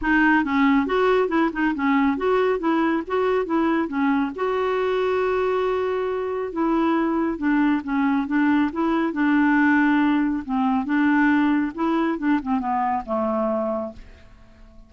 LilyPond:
\new Staff \with { instrumentName = "clarinet" } { \time 4/4 \tempo 4 = 138 dis'4 cis'4 fis'4 e'8 dis'8 | cis'4 fis'4 e'4 fis'4 | e'4 cis'4 fis'2~ | fis'2. e'4~ |
e'4 d'4 cis'4 d'4 | e'4 d'2. | c'4 d'2 e'4 | d'8 c'8 b4 a2 | }